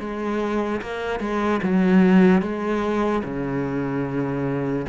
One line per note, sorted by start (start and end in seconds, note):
0.00 0.81 G#3
0.81 1.20 A#3
1.20 1.60 G#3
1.63 2.42 F#3
2.42 3.23 G#3
3.24 4.86 C#3